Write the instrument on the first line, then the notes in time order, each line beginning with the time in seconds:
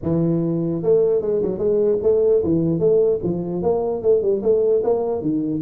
tuba
0.02 E3
0.82 A3
1.21 G#3
1.42 F#3
1.58 G#3
2.02 A3
2.43 E3
2.79 A3
3.23 F3
3.62 A#3
4.02 A3
4.22 G3
4.42 A3
4.83 A#3
5.21 D#3